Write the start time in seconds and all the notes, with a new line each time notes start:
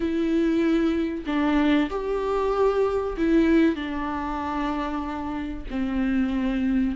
0.00 E4
1.26 D4
1.89 G4
3.17 E4
3.76 D4
5.70 C4